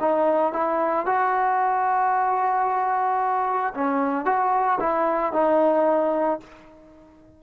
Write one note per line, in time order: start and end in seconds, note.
0.00 0.53 D#4
0.53 1.06 E4
1.06 3.74 F#4
3.75 4.25 C#4
4.25 4.79 F#4
4.80 5.33 E4
5.33 6.40 D#4